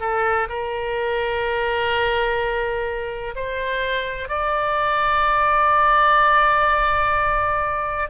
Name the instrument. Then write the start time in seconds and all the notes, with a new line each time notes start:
oboe
0.00 A4
0.49 A#4
3.35 C5
4.29 D5